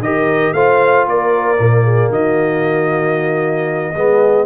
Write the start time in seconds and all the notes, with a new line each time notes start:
0.00 D#3 G4 A#4 D#5
0.53 A3 F4 C5 F5
1.06 A#3 A#4 D5
1.58 A#2 A#3
1.84 G#4
2.10 D#3 F#4 D#5
3.96 G#3 B3 G#4